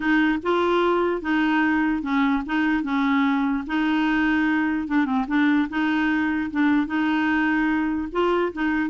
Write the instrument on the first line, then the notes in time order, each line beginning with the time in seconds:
clarinet
0.00 D#4
0.42 F4
1.21 D#4
2.02 C#4
2.45 D#4
2.83 C#4
3.66 D#4
4.87 D4
5.05 C4
5.27 D4
5.69 D#4
6.50 D4
6.86 D#4
8.12 F4
8.52 D#4